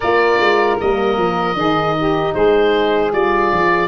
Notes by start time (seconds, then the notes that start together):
0.00 A#3 F4 A#4 D5
0.39 G#3
0.80 G3 A#3 D#5
1.17 F3
1.55 D#3 D#4 G#4
1.99 G4
2.34 G#3 G#4 C5
3.12 G3 F4 D5
3.52 F3